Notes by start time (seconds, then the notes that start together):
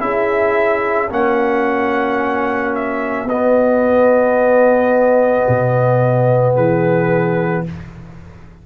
0.00 C#4 E4 G#4 E5
1.10 A#3 C#4 F#4 F#5
2.75 E5
3.25 B3 D#5
5.49 B2
6.55 E3 G#4 B4